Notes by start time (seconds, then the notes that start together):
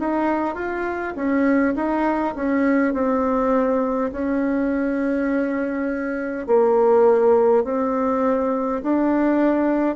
0.00 D#4
0.55 F4
1.16 C#4
1.76 D#4
2.36 C#4
2.94 C4
4.12 C#4
6.47 A#3
7.65 C4
8.83 D4